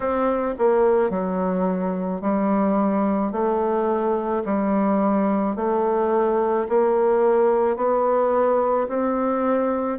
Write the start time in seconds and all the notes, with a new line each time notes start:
0.00 C4
0.58 A#3
1.10 F#3
2.21 G3
3.31 A3
4.44 G3
5.56 A3
6.68 A#3
7.76 B3
8.88 C4